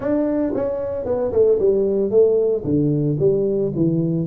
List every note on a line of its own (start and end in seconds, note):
0.00 0.53 D4
0.55 1.05 C#4
1.05 1.31 B3
1.32 1.58 A3
1.59 2.10 G3
2.10 2.63 A3
2.64 3.17 D3
3.19 3.72 G3
3.75 4.26 E3